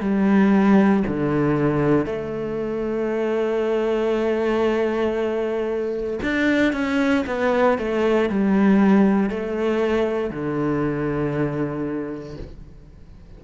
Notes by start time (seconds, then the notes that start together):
0.00 G3
1.06 D3
2.05 A3
6.23 D4
6.72 C#4
7.26 B3
7.78 A3
8.29 G3
9.30 A3
10.30 D3